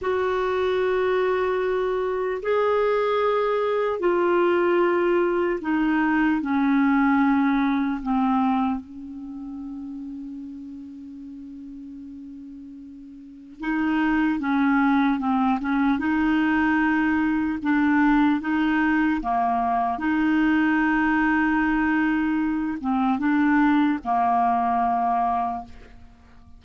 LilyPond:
\new Staff \with { instrumentName = "clarinet" } { \time 4/4 \tempo 4 = 75 fis'2. gis'4~ | gis'4 f'2 dis'4 | cis'2 c'4 cis'4~ | cis'1~ |
cis'4 dis'4 cis'4 c'8 cis'8 | dis'2 d'4 dis'4 | ais4 dis'2.~ | dis'8 c'8 d'4 ais2 | }